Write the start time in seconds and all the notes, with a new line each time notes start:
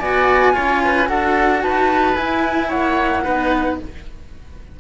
0.00 B3 F#4 D5 G#5
0.53 C#4 F4 C#5
0.85 B4
1.06 D4 F#4 A4 F#5
1.63 D#4 B4 A5
2.15 E4 G#5
2.69 A#3 C#5 F#5
3.24 B3 D#4 B4